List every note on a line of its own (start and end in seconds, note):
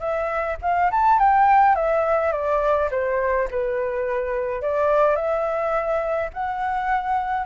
0.00 0.57 E5
0.62 0.91 F5
0.91 1.19 A5
1.19 1.76 G5
1.76 2.32 E5
2.32 2.90 D5
2.91 3.49 C5
3.51 4.62 B4
4.62 5.16 D5
5.16 6.30 E5
6.34 7.46 F#5